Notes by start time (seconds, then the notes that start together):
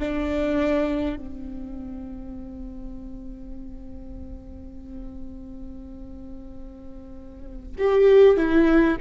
0.00 D4
1.17 C4
7.78 G4
8.37 E4